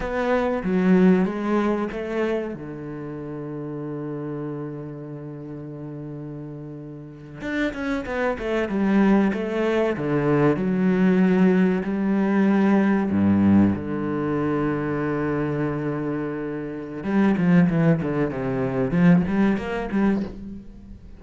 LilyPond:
\new Staff \with { instrumentName = "cello" } { \time 4/4 \tempo 4 = 95 b4 fis4 gis4 a4 | d1~ | d2.~ d8. d'16~ | d'16 cis'8 b8 a8 g4 a4 d16~ |
d8. fis2 g4~ g16~ | g8. g,4 d2~ d16~ | d2. g8 f8 | e8 d8 c4 f8 g8 ais8 g8 | }